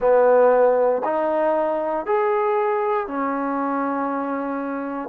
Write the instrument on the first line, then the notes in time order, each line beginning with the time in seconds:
trombone
0.00 B3
1.04 D#4
2.06 G#4
3.07 C#4